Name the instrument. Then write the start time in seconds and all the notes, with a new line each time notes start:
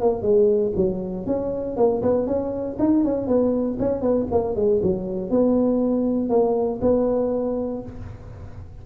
tuba
0.00 A#3
0.22 G#3
0.76 F#3
1.26 C#4
1.76 A#3
2.02 B3
2.27 C#4
2.79 D#4
3.04 C#4
3.27 B3
3.80 C#4
4.01 B3
4.31 A#3
4.56 G#3
4.83 F#3
5.30 B3
6.29 A#3
6.82 B3